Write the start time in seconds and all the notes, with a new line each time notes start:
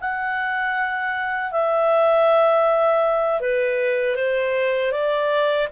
0.00 F#5
1.51 E5
3.40 B4
4.15 C5
4.91 D5